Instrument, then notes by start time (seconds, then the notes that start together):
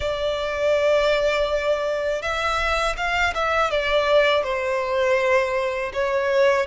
violin
0.00 D5
2.22 E5
2.96 F5
3.34 E5
3.70 D5
4.43 C5
5.93 C#5